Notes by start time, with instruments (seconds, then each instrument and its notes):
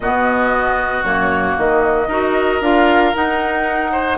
0.00 bassoon B2, clarinet B3, oboe F#4, flute D#5
1.03 bassoon F#2, clarinet A#3, flute C#5
1.57 bassoon D#3, flute D#5
2.07 bassoon D#4, clarinet F#4, oboe A#4
2.60 bassoon D4, clarinet F4, flute F5
3.13 clarinet D#4, bassoon D#4, flute F#5
3.92 oboe C5